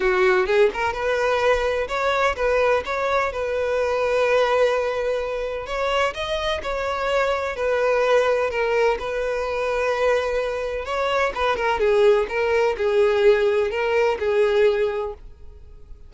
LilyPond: \new Staff \with { instrumentName = "violin" } { \time 4/4 \tempo 4 = 127 fis'4 gis'8 ais'8 b'2 | cis''4 b'4 cis''4 b'4~ | b'1 | cis''4 dis''4 cis''2 |
b'2 ais'4 b'4~ | b'2. cis''4 | b'8 ais'8 gis'4 ais'4 gis'4~ | gis'4 ais'4 gis'2 | }